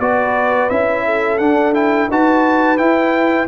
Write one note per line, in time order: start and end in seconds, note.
0.00 0.70 B3
0.00 0.71 F#4
0.00 1.06 B4
0.00 0.70 D5
0.70 1.40 C#4
0.70 1.40 E4
0.70 1.38 E5
1.06 2.09 A4
1.38 2.10 D4
1.38 1.74 D4
1.38 1.73 F#5
1.74 2.09 E4
1.74 2.10 G5
2.09 2.79 D#4
2.09 2.78 F#4
2.09 3.49 B4
2.09 2.78 A5
2.78 3.48 E4
2.78 3.49 E4
2.78 3.48 G5